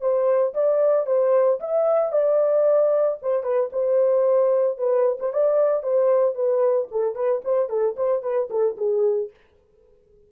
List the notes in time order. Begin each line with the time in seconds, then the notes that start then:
0.00 C5
0.54 D5
1.06 C5
1.60 E5
2.12 D5
3.21 C5
3.43 B4
3.72 C5
4.78 B4
5.19 C5
5.32 D5
5.82 C5
6.35 B4
6.91 A4
7.15 B4
7.44 C5
7.69 A4
7.96 C5
8.22 B4
8.50 A4
8.77 G#4